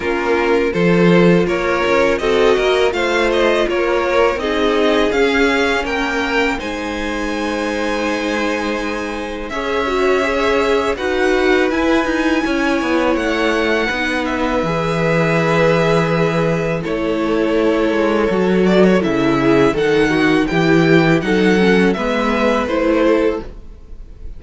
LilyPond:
<<
  \new Staff \with { instrumentName = "violin" } { \time 4/4 \tempo 4 = 82 ais'4 c''4 cis''4 dis''4 | f''8 dis''8 cis''4 dis''4 f''4 | g''4 gis''2.~ | gis''4 e''2 fis''4 |
gis''2 fis''4. e''8~ | e''2. cis''4~ | cis''4. d''16 cis''16 e''4 fis''4 | g''4 fis''4 e''4 c''4 | }
  \new Staff \with { instrumentName = "violin" } { \time 4/4 f'4 a'4 ais'4 a'8 ais'8 | c''4 ais'4 gis'2 | ais'4 c''2.~ | c''4 cis''2 b'4~ |
b'4 cis''2 b'4~ | b'2. a'4~ | a'2~ a'8 gis'8 a'8 fis'8 | g'4 a'4 b'4. a'8 | }
  \new Staff \with { instrumentName = "viola" } { \time 4/4 cis'4 f'2 fis'4 | f'2 dis'4 cis'4~ | cis'4 dis'2.~ | dis'4 gis'8 fis'8 gis'4 fis'4 |
e'2. dis'4 | gis'2. e'4~ | e'4 fis'4 e'4 dis'4 | e'4 dis'8 cis'8 b4 e'4 | }
  \new Staff \with { instrumentName = "cello" } { \time 4/4 ais4 f4 ais8 cis'8 c'8 ais8 | a4 ais4 c'4 cis'4 | ais4 gis2.~ | gis4 cis'2 dis'4 |
e'8 dis'8 cis'8 b8 a4 b4 | e2. a4~ | a8 gis8 fis4 cis4 dis4 | e4 fis4 gis4 a4 | }
>>